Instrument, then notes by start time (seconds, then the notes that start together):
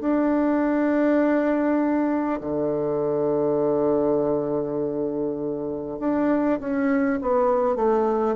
bassoon
0.00 D4
2.41 D3
5.99 D4
6.60 C#4
7.22 B3
7.76 A3